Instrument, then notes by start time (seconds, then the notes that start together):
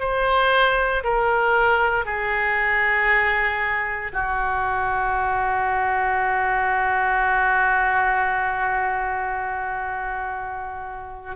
oboe
0.00 C5
1.04 A#4
2.05 G#4
4.13 F#4